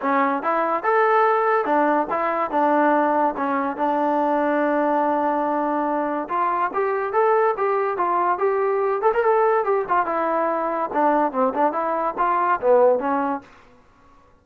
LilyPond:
\new Staff \with { instrumentName = "trombone" } { \time 4/4 \tempo 4 = 143 cis'4 e'4 a'2 | d'4 e'4 d'2 | cis'4 d'2.~ | d'2. f'4 |
g'4 a'4 g'4 f'4 | g'4. a'16 ais'16 a'4 g'8 f'8 | e'2 d'4 c'8 d'8 | e'4 f'4 b4 cis'4 | }